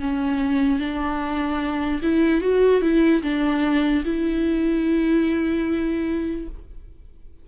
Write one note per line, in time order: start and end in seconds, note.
0.00 0.79 C#4
0.79 2.01 D4
2.02 2.41 E4
2.41 2.81 F#4
2.81 3.22 E4
3.22 4.04 D4
4.05 6.48 E4